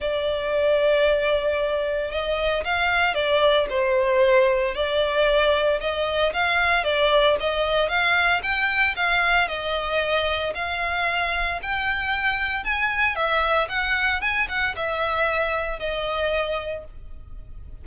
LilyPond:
\new Staff \with { instrumentName = "violin" } { \time 4/4 \tempo 4 = 114 d''1 | dis''4 f''4 d''4 c''4~ | c''4 d''2 dis''4 | f''4 d''4 dis''4 f''4 |
g''4 f''4 dis''2 | f''2 g''2 | gis''4 e''4 fis''4 gis''8 fis''8 | e''2 dis''2 | }